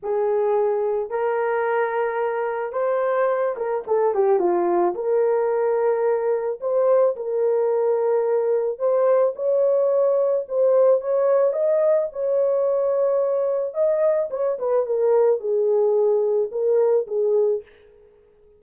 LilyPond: \new Staff \with { instrumentName = "horn" } { \time 4/4 \tempo 4 = 109 gis'2 ais'2~ | ais'4 c''4. ais'8 a'8 g'8 | f'4 ais'2. | c''4 ais'2. |
c''4 cis''2 c''4 | cis''4 dis''4 cis''2~ | cis''4 dis''4 cis''8 b'8 ais'4 | gis'2 ais'4 gis'4 | }